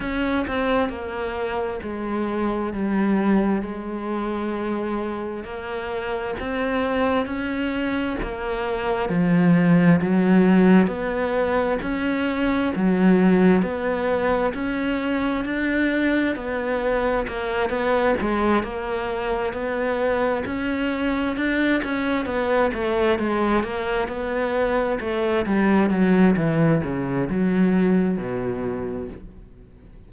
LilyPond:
\new Staff \with { instrumentName = "cello" } { \time 4/4 \tempo 4 = 66 cis'8 c'8 ais4 gis4 g4 | gis2 ais4 c'4 | cis'4 ais4 f4 fis4 | b4 cis'4 fis4 b4 |
cis'4 d'4 b4 ais8 b8 | gis8 ais4 b4 cis'4 d'8 | cis'8 b8 a8 gis8 ais8 b4 a8 | g8 fis8 e8 cis8 fis4 b,4 | }